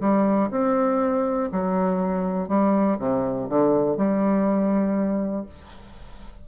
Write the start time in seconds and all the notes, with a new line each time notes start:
0.00 G3
0.50 C4
1.52 F#3
2.48 G3
2.98 C3
3.49 D3
3.97 G3